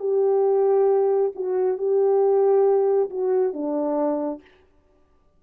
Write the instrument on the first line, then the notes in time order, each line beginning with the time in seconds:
horn
0.00 G4
1.36 F#4
1.78 G4
3.10 F#4
3.54 D4